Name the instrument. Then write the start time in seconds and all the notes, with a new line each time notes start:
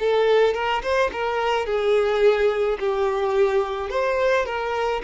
violin
0.00 A4
0.55 A#4
0.83 C5
1.13 A#4
1.66 G#4
2.80 G4
3.90 C5
4.46 A#4